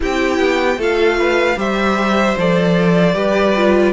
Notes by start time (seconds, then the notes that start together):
0.00 C4 E4 G4 G5
0.39 B3
0.76 A3 F4 A4 F5
1.18 B4
1.56 G3 G4 C5 E5
2.37 F3 A4 D5
3.13 G3 G4 B4
3.56 F4